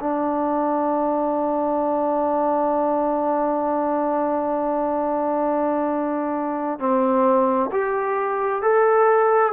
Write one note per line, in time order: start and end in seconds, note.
0.00 6.79 D4
6.79 7.70 C4
7.72 8.62 G4
8.62 9.53 A4